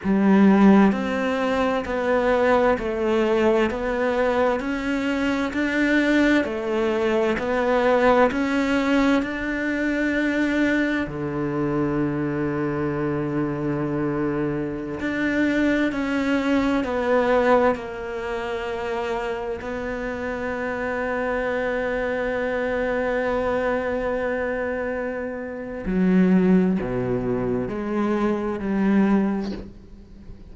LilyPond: \new Staff \with { instrumentName = "cello" } { \time 4/4 \tempo 4 = 65 g4 c'4 b4 a4 | b4 cis'4 d'4 a4 | b4 cis'4 d'2 | d1~ |
d16 d'4 cis'4 b4 ais8.~ | ais4~ ais16 b2~ b8.~ | b1 | fis4 b,4 gis4 g4 | }